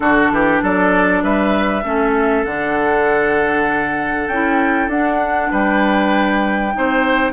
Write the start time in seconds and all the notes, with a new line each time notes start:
0.00 D3 D4 F#4 A4
0.31 E3 G4
0.62 F#3 A4 D5
1.23 G3 B4 E5
1.83 A3 C#4 A4
2.45 D3 D4 F#5
4.27 C#4 E4 G5
4.87 D4 F#5
5.50 G3 B4 G5
6.73 C4 D#4 C5